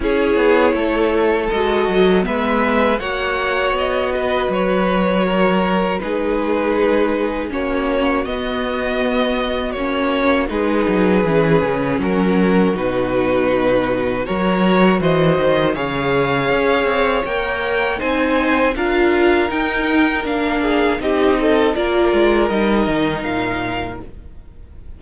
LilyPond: <<
  \new Staff \with { instrumentName = "violin" } { \time 4/4 \tempo 4 = 80 cis''2 dis''4 e''4 | fis''4 dis''4 cis''2 | b'2 cis''4 dis''4~ | dis''4 cis''4 b'2 |
ais'4 b'2 cis''4 | dis''4 f''2 g''4 | gis''4 f''4 g''4 f''4 | dis''4 d''4 dis''4 f''4 | }
  \new Staff \with { instrumentName = "violin" } { \time 4/4 gis'4 a'2 b'4 | cis''4. b'4. ais'4 | gis'2 fis'2~ | fis'2 gis'2 |
fis'2. ais'4 | c''4 cis''2. | c''4 ais'2~ ais'8 gis'8 | g'8 a'8 ais'2. | }
  \new Staff \with { instrumentName = "viola" } { \time 4/4 e'2 fis'4 b4 | fis'1 | dis'2 cis'4 b4~ | b4 cis'4 dis'4 cis'4~ |
cis'4 dis'2 fis'4~ | fis'4 gis'2 ais'4 | dis'4 f'4 dis'4 d'4 | dis'4 f'4 dis'2 | }
  \new Staff \with { instrumentName = "cello" } { \time 4/4 cis'8 b8 a4 gis8 fis8 gis4 | ais4 b4 fis2 | gis2 ais4 b4~ | b4 ais4 gis8 fis8 e8 cis8 |
fis4 b,2 fis4 | e8 dis8 cis4 cis'8 c'8 ais4 | c'4 d'4 dis'4 ais4 | c'4 ais8 gis8 g8 dis8 ais,4 | }
>>